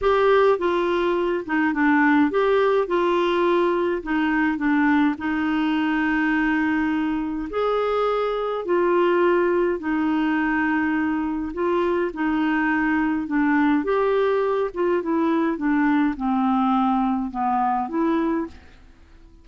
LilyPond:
\new Staff \with { instrumentName = "clarinet" } { \time 4/4 \tempo 4 = 104 g'4 f'4. dis'8 d'4 | g'4 f'2 dis'4 | d'4 dis'2.~ | dis'4 gis'2 f'4~ |
f'4 dis'2. | f'4 dis'2 d'4 | g'4. f'8 e'4 d'4 | c'2 b4 e'4 | }